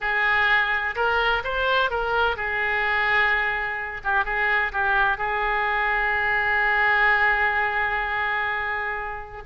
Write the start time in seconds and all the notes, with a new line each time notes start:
0.00 G#4
0.95 A#4
1.43 C5
1.90 A#4
2.36 G#4
4.04 G4
4.24 G#4
4.72 G4
5.17 G#4